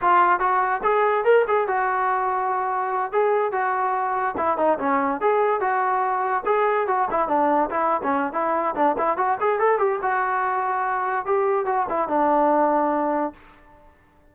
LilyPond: \new Staff \with { instrumentName = "trombone" } { \time 4/4 \tempo 4 = 144 f'4 fis'4 gis'4 ais'8 gis'8 | fis'2.~ fis'8 gis'8~ | gis'8 fis'2 e'8 dis'8 cis'8~ | cis'8 gis'4 fis'2 gis'8~ |
gis'8 fis'8 e'8 d'4 e'8. cis'8. | e'4 d'8 e'8 fis'8 gis'8 a'8 g'8 | fis'2. g'4 | fis'8 e'8 d'2. | }